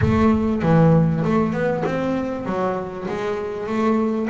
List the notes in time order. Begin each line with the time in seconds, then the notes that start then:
0.01 A3
0.62 E3
1.24 A3
1.52 B3
1.85 C4
2.45 F#3
3.08 G#3
3.67 A3